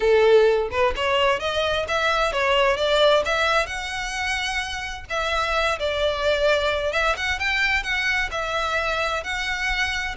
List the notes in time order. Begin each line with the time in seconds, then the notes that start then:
0.00 A4
0.70 B4
0.96 C#5
1.39 D#5
1.87 E5
2.32 C#5
2.77 D5
3.25 E5
3.66 F#5
5.09 E5
5.79 D5
6.92 E5
7.16 F#5
7.39 G5
7.83 F#5
8.31 E5
9.23 F#5